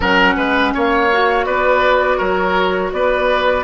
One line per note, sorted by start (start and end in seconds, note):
0.00 0.35 F#3
0.00 1.11 C#4
0.00 0.34 A#4
0.00 0.74 F#5
0.36 0.73 G#3
0.36 0.73 B4
0.73 1.46 A#3
0.73 1.46 C#5
0.73 1.45 F5
1.11 3.64 F#4
1.45 2.19 B3
1.45 2.17 B4
1.45 2.18 D5
2.17 2.92 F#3
2.17 2.90 A#4
2.17 2.91 C#5
2.92 3.64 B3
2.92 3.64 B4
2.92 3.64 D5